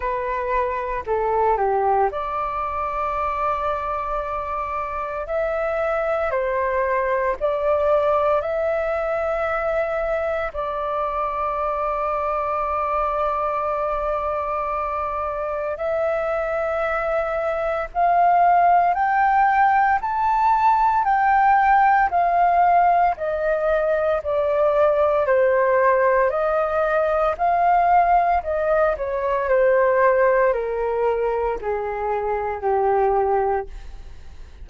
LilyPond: \new Staff \with { instrumentName = "flute" } { \time 4/4 \tempo 4 = 57 b'4 a'8 g'8 d''2~ | d''4 e''4 c''4 d''4 | e''2 d''2~ | d''2. e''4~ |
e''4 f''4 g''4 a''4 | g''4 f''4 dis''4 d''4 | c''4 dis''4 f''4 dis''8 cis''8 | c''4 ais'4 gis'4 g'4 | }